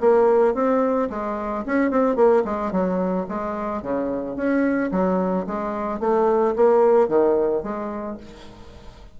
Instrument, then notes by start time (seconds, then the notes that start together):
bassoon
0.00 A#3
0.54 C4
1.09 G#3
1.65 C#4
1.90 C4
2.15 A#3
2.44 G#3
2.71 F#3
3.28 G#3
3.82 C#3
4.36 C#4
4.91 F#3
5.46 G#3
6.00 A3
6.56 A#3
7.08 D#3
7.63 G#3